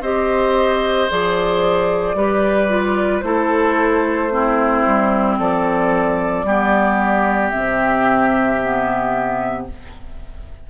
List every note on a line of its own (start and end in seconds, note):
0.00 1.07 C4
0.00 1.10 G4
0.00 2.16 C5
0.00 1.10 D#5
1.10 2.15 F3
1.10 2.16 G#4
1.10 3.21 D5
2.15 3.22 G3
2.15 2.69 G4
2.15 3.24 B4
2.69 3.22 F4
3.21 4.83 A3
3.21 4.30 E4
3.21 4.32 A4
3.21 5.35 C5
4.30 6.45 C4
4.30 5.39 E4
4.86 5.39 G3
5.39 6.43 F3
5.39 6.46 A4
5.39 7.49 D5
6.43 7.50 G3
6.43 7.52 B3
6.43 9.67 G4
7.49 8.59 C4
7.49 9.63 E5
7.56 9.70 C3
8.61 9.69 B3